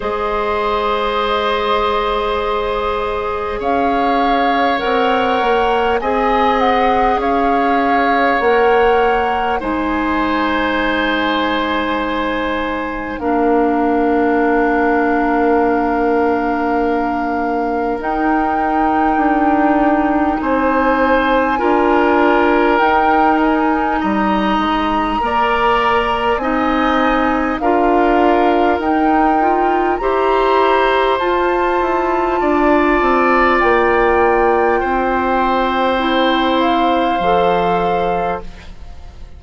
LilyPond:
<<
  \new Staff \with { instrumentName = "flute" } { \time 4/4 \tempo 4 = 50 dis''2. f''4 | fis''4 gis''8 fis''8 f''4 fis''4 | gis''2. f''4~ | f''2. g''4~ |
g''4 gis''2 g''8 gis''8 | ais''2 gis''4 f''4 | g''4 ais''4 a''2 | g''2~ g''8 f''4. | }
  \new Staff \with { instrumentName = "oboe" } { \time 4/4 c''2. cis''4~ | cis''4 dis''4 cis''2 | c''2. ais'4~ | ais'1~ |
ais'4 c''4 ais'2 | dis''4 d''4 dis''4 ais'4~ | ais'4 c''2 d''4~ | d''4 c''2. | }
  \new Staff \with { instrumentName = "clarinet" } { \time 4/4 gis'1 | ais'4 gis'2 ais'4 | dis'2. d'4~ | d'2. dis'4~ |
dis'2 f'4 dis'4~ | dis'4 ais'4 dis'4 f'4 | dis'8 f'8 g'4 f'2~ | f'2 e'4 a'4 | }
  \new Staff \with { instrumentName = "bassoon" } { \time 4/4 gis2. cis'4 | c'8 ais8 c'4 cis'4 ais4 | gis2. ais4~ | ais2. dis'4 |
d'4 c'4 d'4 dis'4 | g8 gis8 ais4 c'4 d'4 | dis'4 e'4 f'8 e'8 d'8 c'8 | ais4 c'2 f4 | }
>>